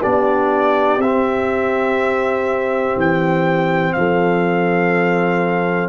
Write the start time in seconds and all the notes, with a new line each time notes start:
0.00 B3 D4 G4 D5
0.98 C4 E5
2.97 E3 G5
3.93 F3 A4 F5